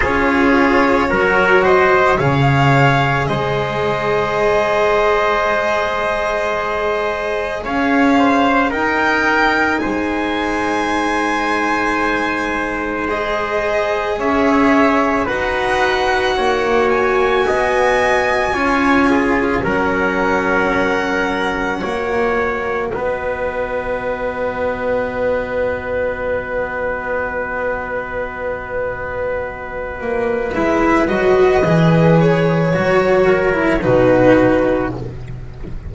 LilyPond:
<<
  \new Staff \with { instrumentName = "violin" } { \time 4/4 \tempo 4 = 55 cis''4. dis''8 f''4 dis''4~ | dis''2. f''4 | g''4 gis''2. | dis''4 e''4 fis''4. gis''8~ |
gis''2 fis''2~ | fis''4 dis''2.~ | dis''1 | e''8 dis''4 cis''4. b'4 | }
  \new Staff \with { instrumentName = "trumpet" } { \time 4/4 gis'4 ais'8 c''8 cis''4 c''4~ | c''2. cis''8 c''8 | ais'4 c''2.~ | c''4 cis''4 b'4 cis''4 |
dis''4 cis''8 gis'8 ais'2 | cis''4 b'2.~ | b'1~ | b'2~ b'8 ais'8 fis'4 | }
  \new Staff \with { instrumentName = "cello" } { \time 4/4 f'4 fis'4 gis'2~ | gis'1 | dis'1 | gis'2 fis'2~ |
fis'4 f'4 cis'2 | fis'1~ | fis'1 | e'8 fis'8 gis'4 fis'8. e'16 dis'4 | }
  \new Staff \with { instrumentName = "double bass" } { \time 4/4 cis'4 fis4 cis4 gis4~ | gis2. cis'4 | dis'4 gis2.~ | gis4 cis'4 dis'4 ais4 |
b4 cis'4 fis2 | ais4 b2.~ | b2.~ b8 ais8 | gis8 fis8 e4 fis4 b,4 | }
>>